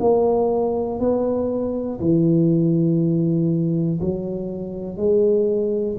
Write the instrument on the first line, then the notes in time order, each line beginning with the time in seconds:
tuba
0.00 A#3
1.00 B3
2.00 E3
4.01 F#3
4.97 G#3